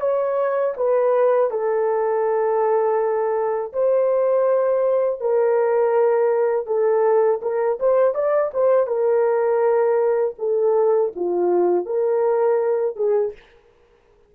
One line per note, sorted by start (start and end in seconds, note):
0.00 0.74 C#5
0.76 1.50 B4
1.50 3.72 A4
3.72 5.20 C5
5.20 6.66 A#4
6.66 7.40 A4
7.41 7.78 A#4
7.79 8.14 C5
8.14 8.51 D5
8.53 8.86 C5
8.86 10.34 A#4
10.38 11.12 A4
11.15 11.85 F4
11.85 12.95 A#4
12.95 13.33 G#4